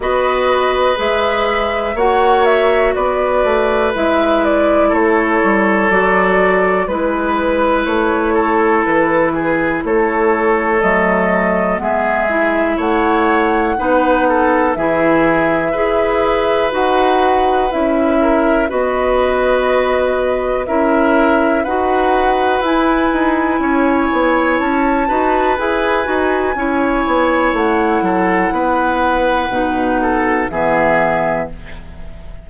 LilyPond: <<
  \new Staff \with { instrumentName = "flute" } { \time 4/4 \tempo 4 = 61 dis''4 e''4 fis''8 e''8 d''4 | e''8 d''8 cis''4 d''4 b'4 | cis''4 b'4 cis''4 dis''4 | e''4 fis''2 e''4~ |
e''4 fis''4 e''4 dis''4~ | dis''4 e''4 fis''4 gis''4~ | gis''4 a''4 gis''2 | fis''2. e''4 | }
  \new Staff \with { instrumentName = "oboe" } { \time 4/4 b'2 cis''4 b'4~ | b'4 a'2 b'4~ | b'8 a'4 gis'8 a'2 | gis'4 cis''4 b'8 a'8 gis'4 |
b'2~ b'8 ais'8 b'4~ | b'4 ais'4 b'2 | cis''4. b'4. cis''4~ | cis''8 a'8 b'4. a'8 gis'4 | }
  \new Staff \with { instrumentName = "clarinet" } { \time 4/4 fis'4 gis'4 fis'2 | e'2 fis'4 e'4~ | e'2. a4 | b8 e'4. dis'4 e'4 |
gis'4 fis'4 e'4 fis'4~ | fis'4 e'4 fis'4 e'4~ | e'4. fis'8 gis'8 fis'8 e'4~ | e'2 dis'4 b4 | }
  \new Staff \with { instrumentName = "bassoon" } { \time 4/4 b4 gis4 ais4 b8 a8 | gis4 a8 g8 fis4 gis4 | a4 e4 a4 fis4 | gis4 a4 b4 e4 |
e'4 dis'4 cis'4 b4~ | b4 cis'4 dis'4 e'8 dis'8 | cis'8 b8 cis'8 dis'8 e'8 dis'8 cis'8 b8 | a8 fis8 b4 b,4 e4 | }
>>